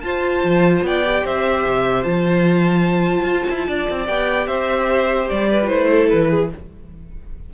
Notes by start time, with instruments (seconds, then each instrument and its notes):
0.00 cello F4, viola F4, violin C5 A5
0.43 cello F3
0.82 cello B3, violin D5 G5
1.04 viola G4
1.24 cello C4, violin C5 E5
1.66 cello C3
2.02 cello F3, viola F4, violin A5
3.23 cello F4
3.49 cello E4
3.67 cello D4, violin D5
3.90 cello C4
4.07 cello B3, viola G4, violin G5
4.47 cello C4, violin C5 E5
5.29 cello G3, violin D5
5.49 violin B4
5.61 viola F4, violin C5
5.68 cello A3, viola E4
5.91 violin A4
6.09 cello E3, violin B4
6.29 violin G#4